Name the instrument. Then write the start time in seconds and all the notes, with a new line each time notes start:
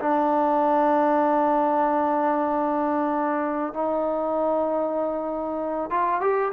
trombone
0.00 D4
3.74 D#4
5.91 F4
6.21 G4